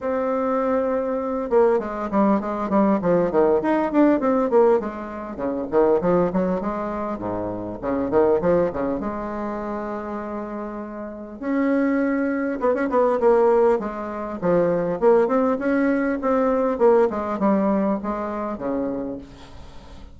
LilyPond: \new Staff \with { instrumentName = "bassoon" } { \time 4/4 \tempo 4 = 100 c'2~ c'8 ais8 gis8 g8 | gis8 g8 f8 dis8 dis'8 d'8 c'8 ais8 | gis4 cis8 dis8 f8 fis8 gis4 | gis,4 cis8 dis8 f8 cis8 gis4~ |
gis2. cis'4~ | cis'4 b16 cis'16 b8 ais4 gis4 | f4 ais8 c'8 cis'4 c'4 | ais8 gis8 g4 gis4 cis4 | }